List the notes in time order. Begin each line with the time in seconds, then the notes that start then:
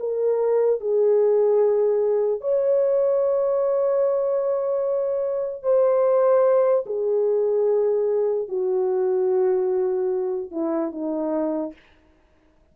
0.00 A#4
0.81 G#4
2.41 C#5
5.63 C5
6.87 G#4
8.49 F#4
10.52 E4
10.92 D#4